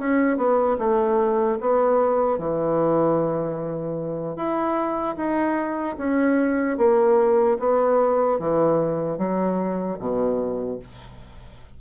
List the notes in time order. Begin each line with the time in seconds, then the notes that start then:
0.00 C#4
0.38 B3
0.79 A3
1.61 B3
2.39 E3
4.36 E4
5.17 D#4
5.98 C#4
6.78 A#3
7.60 B3
8.40 E3
9.19 F#3
10.00 B2